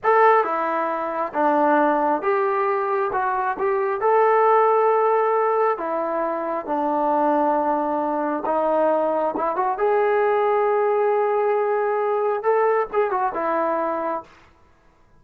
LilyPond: \new Staff \with { instrumentName = "trombone" } { \time 4/4 \tempo 4 = 135 a'4 e'2 d'4~ | d'4 g'2 fis'4 | g'4 a'2.~ | a'4 e'2 d'4~ |
d'2. dis'4~ | dis'4 e'8 fis'8 gis'2~ | gis'1 | a'4 gis'8 fis'8 e'2 | }